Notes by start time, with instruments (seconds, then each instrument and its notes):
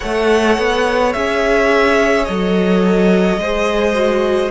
0.00 cello A3, viola A4, violin C#5 F#5
0.58 cello B3
1.12 cello C#4, viola G#4, violin E5
2.24 cello F#3, viola A4, violin D#5
3.37 cello G#3, viola G#4, violin C5
3.94 viola F#4